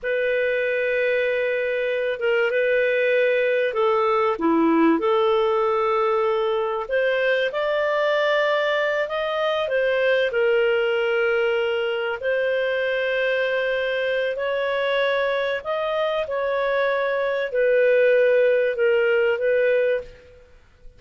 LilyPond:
\new Staff \with { instrumentName = "clarinet" } { \time 4/4 \tempo 4 = 96 b'2.~ b'8 ais'8 | b'2 a'4 e'4 | a'2. c''4 | d''2~ d''8 dis''4 c''8~ |
c''8 ais'2. c''8~ | c''2. cis''4~ | cis''4 dis''4 cis''2 | b'2 ais'4 b'4 | }